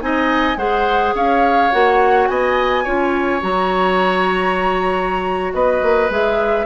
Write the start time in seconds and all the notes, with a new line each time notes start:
0.00 C4 D#4 D#5 G#5
0.56 G#3 G#4 C5 F#5
1.14 C#4 C#5 F5
1.71 A#3 F#4 F#5
2.27 B3 D#5 G#5
2.84 C#4 F4 C#5
3.41 F#3 F#4 A#5
5.53 B3 B4 D#5
5.82 A#3
6.09 G#3 G#4 E5